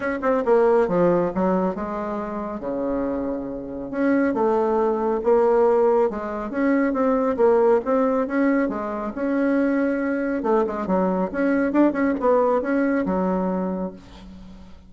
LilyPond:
\new Staff \with { instrumentName = "bassoon" } { \time 4/4 \tempo 4 = 138 cis'8 c'8 ais4 f4 fis4 | gis2 cis2~ | cis4 cis'4 a2 | ais2 gis4 cis'4 |
c'4 ais4 c'4 cis'4 | gis4 cis'2. | a8 gis8 fis4 cis'4 d'8 cis'8 | b4 cis'4 fis2 | }